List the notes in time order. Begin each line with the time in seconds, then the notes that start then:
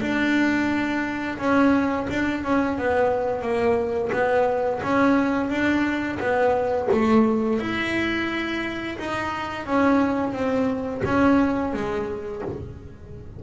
0.00 D4
1.38 C#4
2.10 D4
2.43 C#4
2.78 B3
3.41 A#3
4.12 B3
4.83 C#4
5.49 D4
6.19 B3
6.91 A3
7.60 E4
8.98 D#4
9.66 C#4
10.33 C4
11.05 C#4
11.73 G#3